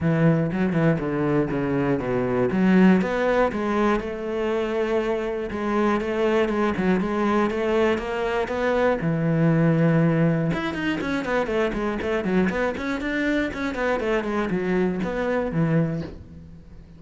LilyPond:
\new Staff \with { instrumentName = "cello" } { \time 4/4 \tempo 4 = 120 e4 fis8 e8 d4 cis4 | b,4 fis4 b4 gis4 | a2. gis4 | a4 gis8 fis8 gis4 a4 |
ais4 b4 e2~ | e4 e'8 dis'8 cis'8 b8 a8 gis8 | a8 fis8 b8 cis'8 d'4 cis'8 b8 | a8 gis8 fis4 b4 e4 | }